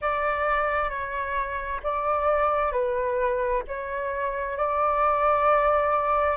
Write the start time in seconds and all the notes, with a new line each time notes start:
0.01 D5
0.89 C#5
1.83 D5
2.71 B4
3.67 C#5
4.57 D5